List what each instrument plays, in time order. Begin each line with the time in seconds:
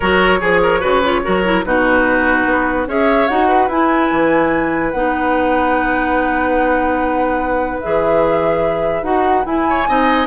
0.00 bassoon F#3, clarinet F#4, oboe A#4, flute C#5
0.40 bassoon F3, oboe G#4, clarinet G#4
0.62 oboe A#4
0.80 bassoon C#3, clarinet F#4, oboe B4
1.03 clarinet F4
1.23 bassoon F#3, clarinet F#4, oboe A#4
1.44 clarinet E4
1.64 bassoon B2, clarinet D#4, oboe F#4, flute B4
2.45 bassoon B3
2.86 bassoon C#4, clarinet G#4, oboe C#5, flute E5
3.27 bassoon D#4, clarinet F#4, flute F#5
3.48 oboe B4
3.68 bassoon E4, clarinet E4, flute G#5
4.11 bassoon E3
4.91 bassoon B3, clarinet D#4, flute F#5
7.80 bassoon E3, clarinet G#4, flute E5
9.02 bassoon D#4, clarinet F#4, flute F#5
9.44 clarinet E4, bassoon E4, flute G#5
9.69 oboe C#5
9.86 bassoon C4, clarinet D#4, oboe D#5